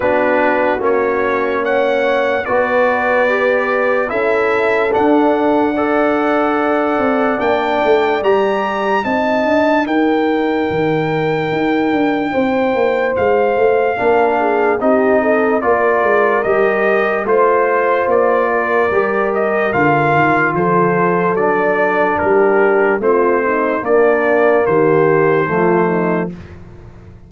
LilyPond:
<<
  \new Staff \with { instrumentName = "trumpet" } { \time 4/4 \tempo 4 = 73 b'4 cis''4 fis''4 d''4~ | d''4 e''4 fis''2~ | fis''4 g''4 ais''4 a''4 | g''1 |
f''2 dis''4 d''4 | dis''4 c''4 d''4. dis''8 | f''4 c''4 d''4 ais'4 | c''4 d''4 c''2 | }
  \new Staff \with { instrumentName = "horn" } { \time 4/4 fis'2 cis''4 b'4~ | b'4 a'2 d''4~ | d''2. dis''4 | ais'2. c''4~ |
c''4 ais'8 gis'8 g'8 a'8 ais'4~ | ais'4 c''4. ais'4.~ | ais'4 a'2 g'4 | f'8 dis'8 d'4 g'4 f'8 dis'8 | }
  \new Staff \with { instrumentName = "trombone" } { \time 4/4 d'4 cis'2 fis'4 | g'4 e'4 d'4 a'4~ | a'4 d'4 g'4 dis'4~ | dis'1~ |
dis'4 d'4 dis'4 f'4 | g'4 f'2 g'4 | f'2 d'2 | c'4 ais2 a4 | }
  \new Staff \with { instrumentName = "tuba" } { \time 4/4 b4 ais2 b4~ | b4 cis'4 d'2~ | d'8 c'8 ais8 a8 g4 c'8 d'8 | dis'4 dis4 dis'8 d'8 c'8 ais8 |
gis8 a8 ais4 c'4 ais8 gis8 | g4 a4 ais4 g4 | d8 dis8 f4 fis4 g4 | a4 ais4 dis4 f4 | }
>>